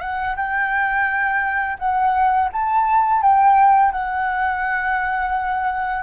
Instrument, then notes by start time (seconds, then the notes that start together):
flute
0.00 F#5
0.36 G5
1.79 F#5
2.53 A5
3.21 G5
3.91 F#5